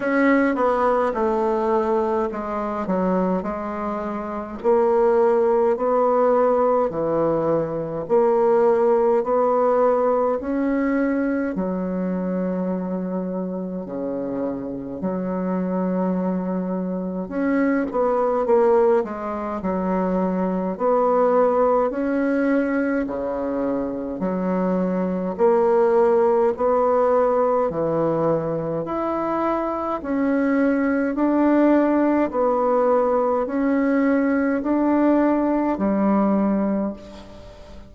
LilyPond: \new Staff \with { instrumentName = "bassoon" } { \time 4/4 \tempo 4 = 52 cis'8 b8 a4 gis8 fis8 gis4 | ais4 b4 e4 ais4 | b4 cis'4 fis2 | cis4 fis2 cis'8 b8 |
ais8 gis8 fis4 b4 cis'4 | cis4 fis4 ais4 b4 | e4 e'4 cis'4 d'4 | b4 cis'4 d'4 g4 | }